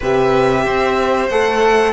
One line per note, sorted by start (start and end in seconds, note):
0.00 0.66 C3
0.00 1.31 G4
0.00 0.64 B4
0.00 1.29 E5
0.64 1.29 C4
0.64 1.92 C5
1.29 1.92 A3
1.29 1.92 A4
1.29 1.92 F#5